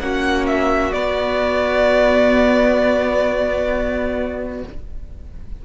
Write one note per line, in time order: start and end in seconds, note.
0.00 0.92 A#3
0.00 0.93 C#4
0.00 4.66 F#4
0.00 0.46 F#5
0.47 0.93 E5
0.93 4.62 B3
0.93 4.64 B3
0.93 4.62 D5